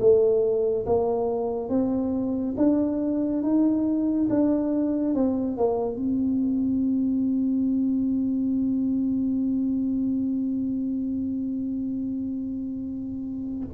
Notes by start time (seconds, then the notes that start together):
0.00 A3
0.86 A#3
1.69 C4
2.58 D4
3.43 D#4
4.30 D4
5.14 C4
5.58 A#3
5.96 C4